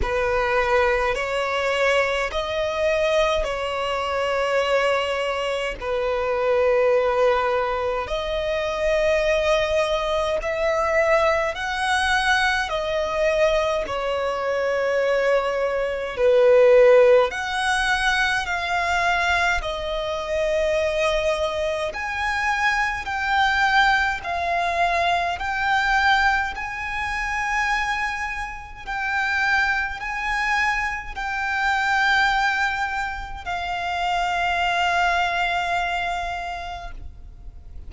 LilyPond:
\new Staff \with { instrumentName = "violin" } { \time 4/4 \tempo 4 = 52 b'4 cis''4 dis''4 cis''4~ | cis''4 b'2 dis''4~ | dis''4 e''4 fis''4 dis''4 | cis''2 b'4 fis''4 |
f''4 dis''2 gis''4 | g''4 f''4 g''4 gis''4~ | gis''4 g''4 gis''4 g''4~ | g''4 f''2. | }